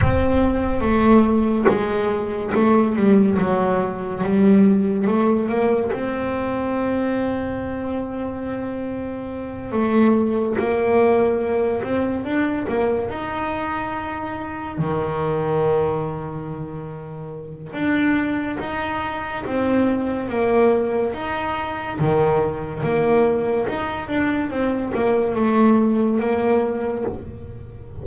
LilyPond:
\new Staff \with { instrumentName = "double bass" } { \time 4/4 \tempo 4 = 71 c'4 a4 gis4 a8 g8 | fis4 g4 a8 ais8 c'4~ | c'2.~ c'8 a8~ | a8 ais4. c'8 d'8 ais8 dis'8~ |
dis'4. dis2~ dis8~ | dis4 d'4 dis'4 c'4 | ais4 dis'4 dis4 ais4 | dis'8 d'8 c'8 ais8 a4 ais4 | }